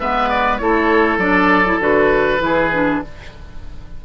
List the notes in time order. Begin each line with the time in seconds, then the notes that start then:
0.00 G#3 B3 B4 E5
0.29 D5
0.57 A3 E4 A4 C#5
1.18 F#3 D4 D5
1.65 E4
1.79 D3 F#4 B4
2.39 E3 E4 G#4
2.73 D4